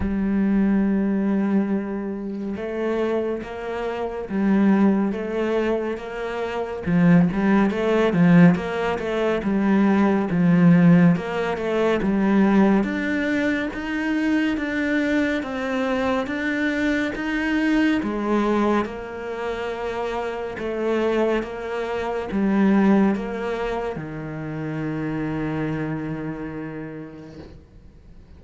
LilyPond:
\new Staff \with { instrumentName = "cello" } { \time 4/4 \tempo 4 = 70 g2. a4 | ais4 g4 a4 ais4 | f8 g8 a8 f8 ais8 a8 g4 | f4 ais8 a8 g4 d'4 |
dis'4 d'4 c'4 d'4 | dis'4 gis4 ais2 | a4 ais4 g4 ais4 | dis1 | }